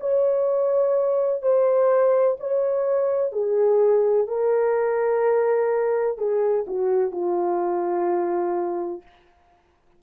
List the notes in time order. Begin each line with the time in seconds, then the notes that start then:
0.00 C#5
1.42 C5
2.40 C#5
3.32 G#4
4.27 A#4
6.18 G#4
6.67 F#4
7.12 F4